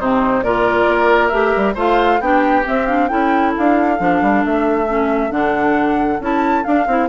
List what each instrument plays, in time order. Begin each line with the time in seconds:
0.00 bassoon C3, clarinet C4, oboe D#4, flute C5
0.41 bassoon A#2, clarinet F4, oboe A#4, flute D5
0.88 bassoon A#3
1.29 bassoon A3, clarinet G4, flute E5
1.56 bassoon G3
1.75 bassoon A3, clarinet F4, oboe C5, flute F5
2.20 bassoon B3, clarinet D4, oboe G4, flute G5
2.64 clarinet C4, bassoon C4, flute E5
2.87 clarinet D4, flute F5
3.08 bassoon C#4, clarinet E4, oboe A4, flute G5
3.57 bassoon D4, flute F5
3.98 bassoon F3, clarinet D4
4.22 bassoon G3
4.45 bassoon A3, flute E5
4.88 clarinet C#4
5.30 bassoon D3, clarinet D4, flute F#5
6.20 bassoon C#4, clarinet E4, flute A5
6.64 clarinet D4, bassoon D4, flute F5
6.87 bassoon C4, clarinet E4